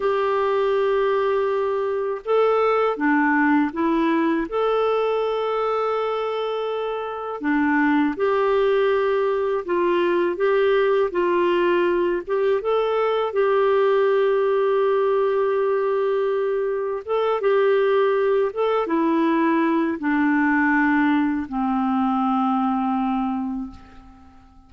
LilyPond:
\new Staff \with { instrumentName = "clarinet" } { \time 4/4 \tempo 4 = 81 g'2. a'4 | d'4 e'4 a'2~ | a'2 d'4 g'4~ | g'4 f'4 g'4 f'4~ |
f'8 g'8 a'4 g'2~ | g'2. a'8 g'8~ | g'4 a'8 e'4. d'4~ | d'4 c'2. | }